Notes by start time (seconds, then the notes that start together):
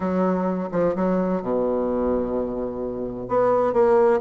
0.00 F#3
0.71 F3
0.95 F#3
1.42 B2
3.28 B3
3.73 A#3